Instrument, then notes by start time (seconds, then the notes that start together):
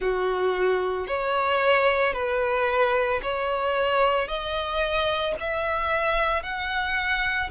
violin
0.00 F#4
1.07 C#5
2.13 B4
3.22 C#5
4.28 D#5
5.40 E5
6.42 F#5